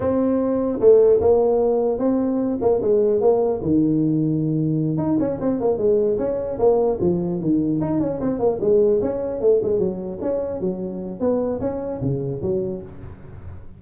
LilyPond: \new Staff \with { instrumentName = "tuba" } { \time 4/4 \tempo 4 = 150 c'2 a4 ais4~ | ais4 c'4. ais8 gis4 | ais4 dis2.~ | dis8 dis'8 cis'8 c'8 ais8 gis4 cis'8~ |
cis'8 ais4 f4 dis4 dis'8 | cis'8 c'8 ais8 gis4 cis'4 a8 | gis8 fis4 cis'4 fis4. | b4 cis'4 cis4 fis4 | }